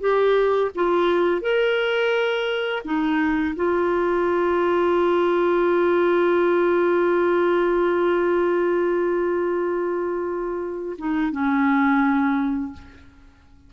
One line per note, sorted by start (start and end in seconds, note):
0.00 0.71 G4
0.75 1.41 F4
1.41 2.82 A#4
2.84 3.55 D#4
3.55 10.96 F4
10.98 11.32 D#4
11.32 12.73 C#4